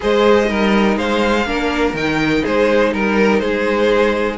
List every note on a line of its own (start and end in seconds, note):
0.00 0.50 G#3
0.00 0.45 G#4
0.00 0.49 C5
0.00 0.97 D#5
0.45 0.97 G3
0.45 1.42 D#4
0.45 0.97 A#4
0.97 1.45 G#3
0.97 1.46 C5
0.97 1.95 F5
1.45 1.93 A#3
1.45 1.95 D4
1.45 2.42 A#4
1.93 2.42 D#3
1.93 4.38 D#4
1.93 2.45 G5
2.42 2.93 G#3
2.42 2.90 G#4
2.42 2.94 C5
2.92 3.42 G3
2.92 3.41 A#4
2.92 3.39 A#4
3.39 4.38 G#3
3.39 4.38 G#4
3.39 4.36 C5